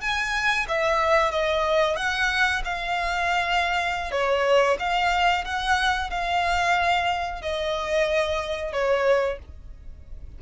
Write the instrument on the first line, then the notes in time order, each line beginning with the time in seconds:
violin
0.00 G#5
0.68 E5
1.31 D#5
1.96 F#5
2.64 F5
4.11 C#5
4.79 F5
5.44 F#5
6.10 F5
7.41 D#5
8.72 C#5